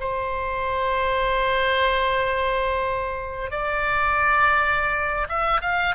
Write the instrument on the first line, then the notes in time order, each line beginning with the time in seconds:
oboe
0.00 C5
3.51 D5
5.29 E5
5.61 F5